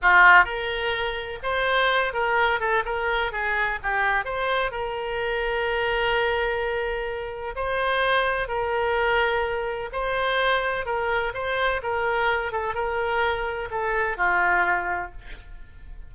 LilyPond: \new Staff \with { instrumentName = "oboe" } { \time 4/4 \tempo 4 = 127 f'4 ais'2 c''4~ | c''8 ais'4 a'8 ais'4 gis'4 | g'4 c''4 ais'2~ | ais'1 |
c''2 ais'2~ | ais'4 c''2 ais'4 | c''4 ais'4. a'8 ais'4~ | ais'4 a'4 f'2 | }